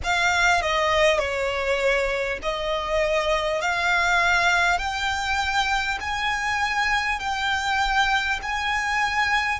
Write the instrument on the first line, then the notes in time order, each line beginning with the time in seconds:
violin
0.03 F5
0.61 D#5
1.18 C#5
2.42 D#5
3.61 F5
4.78 G5
6.00 G#5
7.19 G5
8.42 G#5